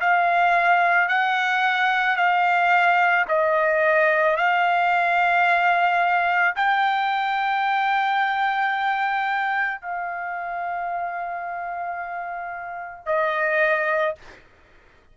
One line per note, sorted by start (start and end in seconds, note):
0.00 1.08 F5
1.08 2.16 F#5
2.16 3.25 F5
3.28 4.36 D#5
4.36 6.55 F5
6.56 9.81 G5
9.81 13.06 F5
13.06 14.15 D#5